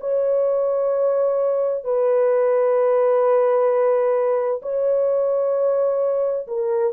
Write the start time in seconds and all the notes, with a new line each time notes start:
0.00 C#5
1.84 B4
4.62 C#5
6.47 A#4